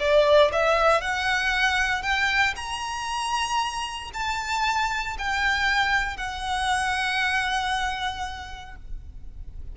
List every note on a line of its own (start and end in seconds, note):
0.00 0.52 D5
0.53 1.02 E5
1.02 2.03 F#5
2.03 2.55 G5
2.56 4.11 A#5
4.14 5.17 A5
5.19 6.17 G5
6.17 8.76 F#5